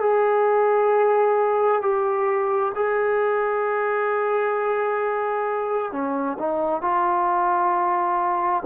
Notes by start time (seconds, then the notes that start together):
0.00 G#4
1.81 G4
2.75 G#4
5.92 C#4
6.39 D#4
6.81 F4